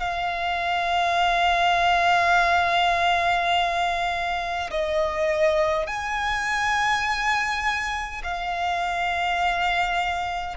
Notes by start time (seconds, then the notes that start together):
0.00 F5
4.71 D#5
5.87 G#5
8.24 F5